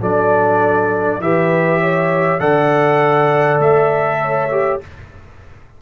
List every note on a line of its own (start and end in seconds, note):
0.00 1.20 F#3
0.00 1.21 D4
0.00 1.20 A4
0.00 1.22 D5
1.20 2.40 E3
1.20 2.40 G4
1.20 1.80 B4
1.20 2.41 E5
1.80 2.40 C#5
2.40 3.59 D3
2.40 4.50 A4
2.40 4.21 D5
2.40 3.60 F#5
3.59 4.79 A3
3.59 4.81 E5
4.22 4.82 C#5
4.51 4.81 G4